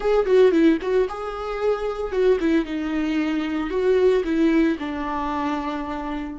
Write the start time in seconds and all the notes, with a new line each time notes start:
0.00 G#4
0.26 F#4
0.51 E4
0.81 F#4
1.08 G#4
2.11 F#4
2.40 E4
2.65 D#4
3.70 F#4
4.24 E4
4.79 D4